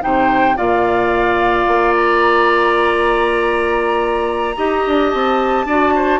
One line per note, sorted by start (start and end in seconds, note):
0.00 0.58 C3
0.00 0.55 D#4
0.00 0.57 C5
0.00 0.57 G5
0.56 1.67 A#2
0.56 4.55 F4
0.56 4.56 D5
0.56 1.95 F5
1.67 4.56 A#3
1.95 5.10 A#5
4.57 4.85 D#4
4.57 5.67 G4
4.57 5.66 D#5
4.86 5.14 D4
5.10 5.65 C4
5.10 6.20 A5
5.65 6.20 D4
5.65 6.20 F#4
5.65 5.93 D5
5.95 6.20 C5